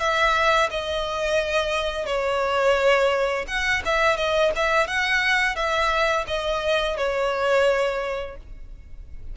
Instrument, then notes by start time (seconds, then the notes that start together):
violin
0.00 E5
0.70 D#5
2.06 C#5
3.48 F#5
3.85 E5
4.17 D#5
4.56 E5
4.87 F#5
5.56 E5
6.28 D#5
6.98 C#5